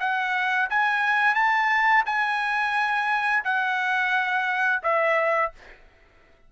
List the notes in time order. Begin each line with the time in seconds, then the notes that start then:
0.00 F#5
0.70 G#5
1.35 A5
2.06 G#5
3.45 F#5
4.83 E5